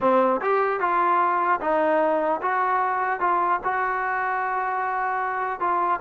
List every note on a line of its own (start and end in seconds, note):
0.00 0.40 C4
0.41 0.80 G4
0.80 1.60 F4
1.60 2.40 D#4
2.41 3.20 F#4
3.20 3.60 F4
3.63 5.59 F#4
5.59 5.99 F4